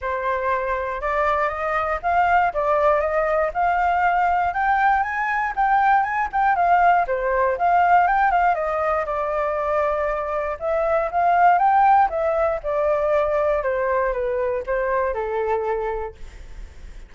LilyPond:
\new Staff \with { instrumentName = "flute" } { \time 4/4 \tempo 4 = 119 c''2 d''4 dis''4 | f''4 d''4 dis''4 f''4~ | f''4 g''4 gis''4 g''4 | gis''8 g''8 f''4 c''4 f''4 |
g''8 f''8 dis''4 d''2~ | d''4 e''4 f''4 g''4 | e''4 d''2 c''4 | b'4 c''4 a'2 | }